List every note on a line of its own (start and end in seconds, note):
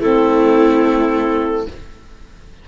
0.00 1.67 A3
0.00 1.68 C4
0.00 1.67 E4
0.00 1.68 A4